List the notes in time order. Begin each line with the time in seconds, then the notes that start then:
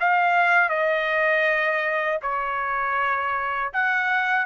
0.00 F5
0.69 D#5
2.22 C#5
3.73 F#5